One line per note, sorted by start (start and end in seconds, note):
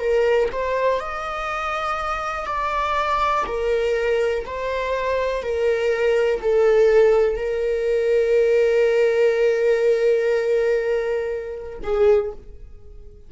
0.00 0.49 A#4
0.52 1.00 C5
1.00 2.46 D#5
2.46 3.45 D5
3.46 4.45 A#4
4.46 5.42 C5
5.42 6.41 A#4
6.42 7.36 A4
7.36 11.79 A#4
11.83 12.32 G#4